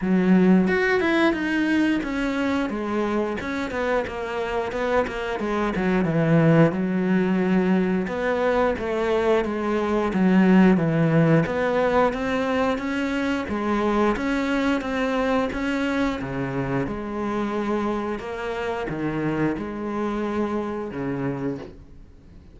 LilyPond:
\new Staff \with { instrumentName = "cello" } { \time 4/4 \tempo 4 = 89 fis4 fis'8 e'8 dis'4 cis'4 | gis4 cis'8 b8 ais4 b8 ais8 | gis8 fis8 e4 fis2 | b4 a4 gis4 fis4 |
e4 b4 c'4 cis'4 | gis4 cis'4 c'4 cis'4 | cis4 gis2 ais4 | dis4 gis2 cis4 | }